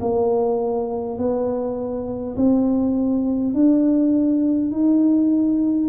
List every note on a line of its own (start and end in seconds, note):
0.00 1.18 A#3
1.18 2.35 B3
2.36 3.53 C4
3.53 4.71 D4
4.71 5.89 D#4